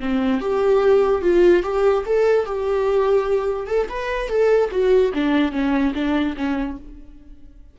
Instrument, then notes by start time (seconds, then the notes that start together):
viola
0.00 C4
0.41 G4
1.22 F4
1.63 G4
2.06 A4
2.46 G4
3.67 A4
3.89 B4
4.29 A4
4.71 F#4
5.14 D4
5.52 C#4
5.94 D4
6.37 C#4